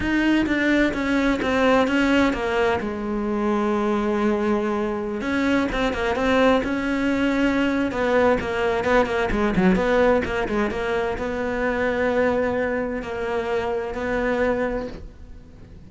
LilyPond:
\new Staff \with { instrumentName = "cello" } { \time 4/4 \tempo 4 = 129 dis'4 d'4 cis'4 c'4 | cis'4 ais4 gis2~ | gis2.~ gis16 cis'8.~ | cis'16 c'8 ais8 c'4 cis'4.~ cis'16~ |
cis'4 b4 ais4 b8 ais8 | gis8 fis8 b4 ais8 gis8 ais4 | b1 | ais2 b2 | }